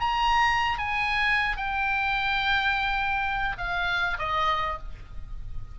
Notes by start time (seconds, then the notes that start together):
0.00 A#5
0.78 G#5
1.56 G5
3.57 F5
4.18 D#5